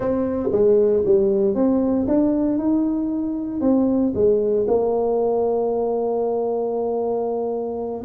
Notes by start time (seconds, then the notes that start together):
0.00 C4
0.51 G#3
1.05 G3
1.54 C4
2.07 D4
2.58 D#4
3.61 C4
4.14 G#3
4.67 A#3